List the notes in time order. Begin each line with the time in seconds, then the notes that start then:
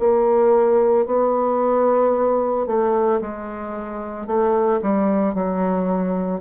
0.00 A#3
1.06 B3
2.67 A3
3.21 G#3
4.27 A3
4.82 G3
5.35 F#3